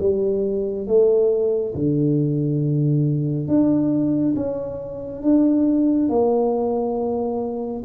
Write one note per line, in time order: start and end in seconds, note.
0.00 0.87 G3
0.87 1.74 A3
1.75 3.48 D3
3.48 4.35 D4
4.36 5.22 C#4
5.22 6.09 D4
6.09 7.83 A#3